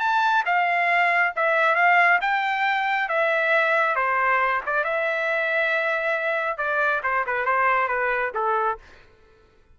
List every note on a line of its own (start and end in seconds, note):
0.00 0.44 A5
0.46 1.33 F5
1.36 1.76 E5
1.76 2.19 F5
2.21 3.09 G5
3.09 3.96 E5
3.96 4.61 C5
4.66 4.84 D5
4.84 6.58 E5
6.58 7.02 D5
7.04 7.25 C5
7.26 7.46 B4
7.46 7.88 C5
7.88 8.32 B4
8.35 8.78 A4